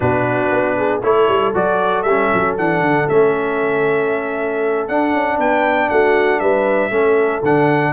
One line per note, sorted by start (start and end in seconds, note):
0.00 0.51 B2
0.00 1.01 D4
0.00 0.77 F#4
0.00 1.01 B4
0.51 1.02 B3
0.77 1.03 G#4
1.02 1.27 A3
1.02 1.54 E4
1.02 5.36 A4
1.02 1.54 C#5
1.27 1.53 G3
1.54 2.04 F#3
1.54 2.05 F#4
1.54 2.02 D5
2.02 2.29 G3
2.02 2.53 E5
2.09 2.58 C#4
2.33 2.58 F#3
2.57 2.80 E3
2.57 3.09 D4
2.57 3.08 F#5
2.80 3.06 D3
3.09 4.88 A3
3.09 4.88 C#4
3.09 4.87 E5
4.87 5.13 D4
4.87 6.90 D4
4.87 5.39 F#5
5.13 5.38 C#4
5.36 5.89 B3
5.36 5.88 B4
5.36 5.89 G5
5.89 6.40 A3
5.89 6.40 F#4
5.89 6.39 F#5
6.39 6.90 G3
6.39 6.91 B4
6.39 7.42 E5
6.90 7.41 A3
6.90 7.42 C#4
6.90 7.93 A4
7.42 7.93 D3
7.42 7.93 D4
7.42 7.93 F#5